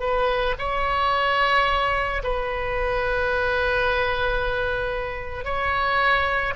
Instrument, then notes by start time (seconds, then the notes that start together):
oboe
0.00 B4
0.59 C#5
2.24 B4
5.45 C#5